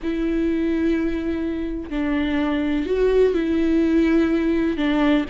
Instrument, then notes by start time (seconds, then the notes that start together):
viola
0.02 E4
1.89 D4
2.86 F#4
3.34 E4
4.77 D4